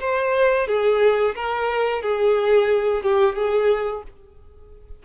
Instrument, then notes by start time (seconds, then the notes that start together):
violin
0.00 C5
0.67 G#4
1.35 A#4
2.02 G#4
3.02 G4
3.35 G#4